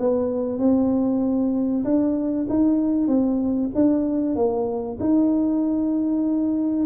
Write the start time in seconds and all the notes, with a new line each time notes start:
0.00 B3
0.59 C4
1.85 D4
2.49 D#4
3.08 C4
3.75 D4
4.36 A#3
5.01 D#4